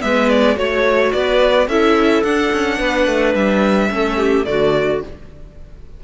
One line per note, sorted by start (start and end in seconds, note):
0.00 0.57 G#3
0.00 0.56 B3
0.00 0.56 B4
0.00 0.29 E5
0.29 0.57 D5
0.56 1.12 A3
0.56 1.67 F#4
0.56 1.13 C#5
1.13 1.68 B3
1.13 1.69 B4
1.13 1.68 D5
1.68 2.23 C#4
1.68 2.25 E4
1.68 2.78 A4
1.68 2.23 E5
2.23 2.52 D4
2.23 3.90 D4
2.23 3.34 F#5
2.53 2.80 C#4
2.78 3.07 B3
2.78 3.89 B4
3.07 3.35 A3
3.35 3.90 G3
3.35 4.45 E5
3.90 4.47 A3
3.90 4.45 C#4
3.90 4.17 A4
4.17 4.45 G4
4.45 5.03 D3
4.45 5.01 A3
4.45 5.04 F#4
4.45 5.01 D5